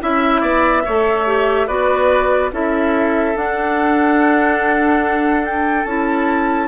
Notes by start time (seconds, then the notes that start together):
0.00 C#4 E4 E5
0.41 B3 D5
0.85 A3 A4 C#5
1.26 G4
1.67 B3 F#4 B4 D5
2.51 C#4 E4 A4 E5
3.35 D4 F#5
5.45 G5
5.84 C#4 E4 A5